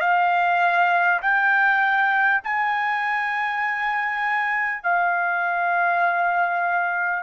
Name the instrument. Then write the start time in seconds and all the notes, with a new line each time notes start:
trumpet
0.00 F5
1.21 G5
2.43 G#5
4.83 F5